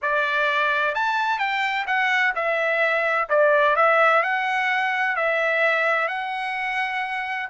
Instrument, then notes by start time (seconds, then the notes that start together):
trumpet
0.02 D5
0.94 A5
1.38 G5
1.86 F#5
2.35 E5
3.29 D5
3.76 E5
4.22 F#5
5.16 E5
6.08 F#5